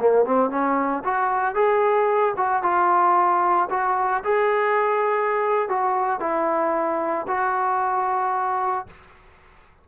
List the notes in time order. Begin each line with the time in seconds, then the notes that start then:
0.00 A#3
0.25 C4
0.50 C#4
1.05 F#4
1.55 G#4
2.37 F#4
2.63 F4
3.70 F#4
4.24 G#4
5.69 F#4
6.20 E4
7.28 F#4